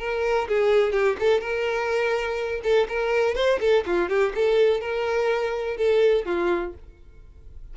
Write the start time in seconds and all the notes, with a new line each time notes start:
0.00 A#4
0.49 G#4
0.93 G4
1.20 A4
1.41 A#4
2.64 A4
2.89 A#4
3.36 C5
3.60 A4
3.87 F4
4.09 G4
4.36 A4
4.81 A#4
5.78 A4
6.26 F4